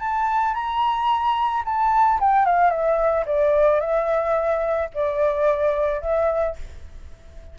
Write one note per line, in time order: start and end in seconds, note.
0.00 0.54 A5
0.54 1.63 A#5
1.65 2.19 A5
2.20 2.45 G5
2.45 2.70 F5
2.70 3.25 E5
3.26 3.80 D5
3.80 4.89 E5
4.94 6.01 D5
6.01 6.56 E5